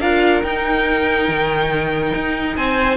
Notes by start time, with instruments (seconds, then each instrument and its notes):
0.00 cello D4, viola F4, violin A#4 F5
0.43 cello D#4, viola D#4, violin G5
1.28 cello D#3
2.14 cello D#4
2.56 cello C4, violin C5 G#5